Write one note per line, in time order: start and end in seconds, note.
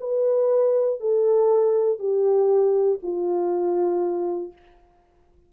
0.00 1.00 B4
1.00 1.99 A4
1.99 2.99 G4
3.02 4.52 F4